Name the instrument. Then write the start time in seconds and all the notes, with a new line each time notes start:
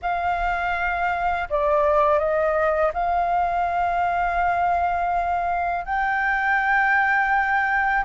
flute
0.02 F5
1.49 D5
2.18 D#5
2.93 F5
5.85 G5